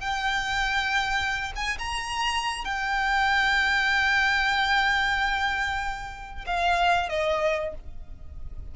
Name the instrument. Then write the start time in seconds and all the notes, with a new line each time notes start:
violin
0.00 G5
1.56 G#5
1.78 A#5
2.64 G5
6.46 F5
7.09 D#5